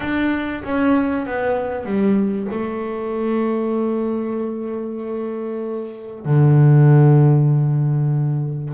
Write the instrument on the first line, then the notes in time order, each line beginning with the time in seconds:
double bass
0.00 D4
0.63 C#4
1.26 B3
1.85 G3
2.51 A3
6.25 D3